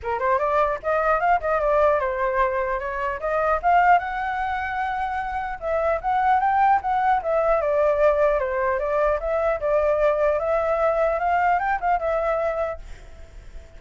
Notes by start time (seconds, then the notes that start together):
0.02 A#4
0.19 C5
0.39 D5
0.83 D#5
1.19 F5
1.40 D#5
1.60 D5
1.99 C5
2.79 C#5
3.20 D#5
3.62 F5
3.98 F#5
5.60 E5
6.01 F#5
6.40 G5
6.81 F#5
7.22 E5
7.61 D5
8.39 C5
8.79 D5
9.20 E5
9.60 D5
10.39 E5
11.19 F5
11.59 G5
11.80 F5
11.99 E5